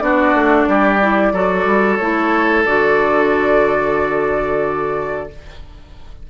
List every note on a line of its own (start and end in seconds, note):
0.00 0.34 B3
0.00 1.00 D4
0.00 0.69 F#4
0.00 1.98 D5
0.34 0.67 A3
0.68 1.33 G3
0.68 1.33 G4
1.02 1.34 E4
1.33 1.66 F#3
1.33 2.00 F#4
1.33 5.29 A4
1.66 1.99 G3
1.98 2.66 A3
1.98 2.66 E4
1.98 2.64 C#5
2.66 5.30 D3
2.66 5.30 F#4
2.66 5.30 D5